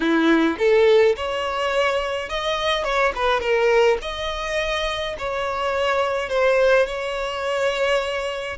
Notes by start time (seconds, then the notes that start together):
0.00 E4
0.58 A4
1.16 C#5
2.29 D#5
2.83 C#5
3.15 B4
3.40 A#4
4.01 D#5
5.18 C#5
6.29 C5
6.86 C#5